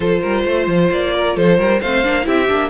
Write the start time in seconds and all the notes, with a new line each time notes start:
0.00 F3 F4 A4 C5
0.21 G3 A#4
0.45 A3 C5
0.67 F3
0.91 A#3 D5
1.13 A#4
1.36 F3 A4 C5
1.58 G3 A#4
1.80 A3 C4 C5 F5
2.03 A#3 D4
2.23 C4 E4 G4 E5
2.48 A#3 D4